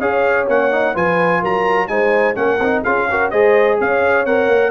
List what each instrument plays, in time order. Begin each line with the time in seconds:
0.00 tuba C#4, trombone G#4, horn C#5, trumpet F5
0.48 tuba A#3, trombone C#4, trumpet F#5
0.71 trombone D#4
0.94 tuba F3, trombone F4, horn B4, trumpet G#5
1.41 tuba F#3, horn A#4, trumpet A#5
1.88 tuba G#3, trombone D#4, horn C5, trumpet G#5
2.35 tuba A#3, trombone C#4, horn A#4, trumpet F#5
2.61 tuba C4, trombone D#4
2.84 tuba C#4, trombone F4, horn G#4, trumpet F5
3.10 trombone F#4, horn A#4
3.31 tuba G#3, trombone G#4, horn C5, trumpet D#5
3.80 tuba C#4, horn C#5, trumpet F5
4.26 tuba C4, trombone A#4, trumpet F#5
4.49 tuba A#3